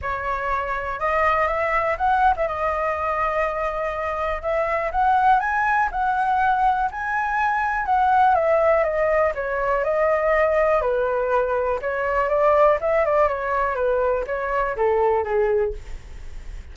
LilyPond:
\new Staff \with { instrumentName = "flute" } { \time 4/4 \tempo 4 = 122 cis''2 dis''4 e''4 | fis''8. e''16 dis''2.~ | dis''4 e''4 fis''4 gis''4 | fis''2 gis''2 |
fis''4 e''4 dis''4 cis''4 | dis''2 b'2 | cis''4 d''4 e''8 d''8 cis''4 | b'4 cis''4 a'4 gis'4 | }